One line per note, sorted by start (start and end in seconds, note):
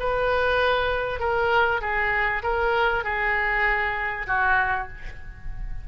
0.00 1.20 B4
1.20 1.81 A#4
1.82 2.43 G#4
2.43 3.04 A#4
3.04 4.27 G#4
4.27 4.88 F#4